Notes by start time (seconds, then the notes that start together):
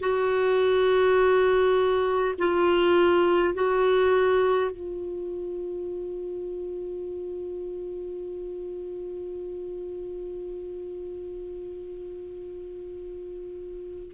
0.00 F#4
2.39 F4
3.54 F#4
4.71 F4